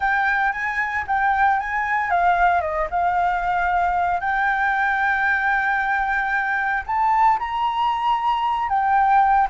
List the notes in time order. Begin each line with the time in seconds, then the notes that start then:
0.00 G5
0.52 G#5
1.07 G5
1.60 G#5
2.10 F5
2.61 D#5
2.90 F5
4.20 G5
6.86 A5
7.39 A#5
8.68 G5